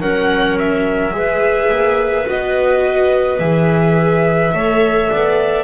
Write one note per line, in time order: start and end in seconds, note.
0.00 1.13 F#3
0.00 1.11 C#4
0.00 1.13 A#4
0.00 0.58 F#5
0.58 2.28 E5
1.11 1.70 G#3
1.11 2.25 G#4
1.11 4.55 B4
1.70 2.27 A#3
2.25 3.39 B3
2.25 3.38 F#4
2.25 3.39 D#5
3.39 4.53 E3
3.39 4.53 G#4
3.39 5.64 E5
4.54 5.10 A3
4.54 5.64 A4
4.54 5.11 C#5
5.11 5.64 B3
5.11 5.64 D5